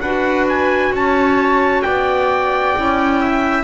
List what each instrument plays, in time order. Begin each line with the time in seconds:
0.00 double bass D4, clarinet F#4, viola B4, trumpet F#5
0.48 trumpet G#5
0.92 double bass C#4, viola C#5, trumpet A5
1.82 double bass B3, viola D5, trumpet G5
2.76 double bass C#4, clarinet E4
3.20 viola E5